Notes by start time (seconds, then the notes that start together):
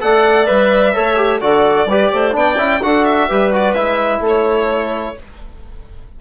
0.00 A3 A4 D5 F#5
0.46 G3 B4 E5
0.93 A3 A4 C#5
1.16 G4
1.40 D3 F#4 A4 D5
1.85 G3 G4 B4
2.12 A3 C5
2.31 B3 D4 D5 G5
2.56 C#4 E4
2.82 D4 F#4 A4 F#5
3.04 E5
3.28 G3 G4 B4
3.52 F#4 D5
3.74 G#3 E4 E5
4.20 A3 A4
4.27 C#5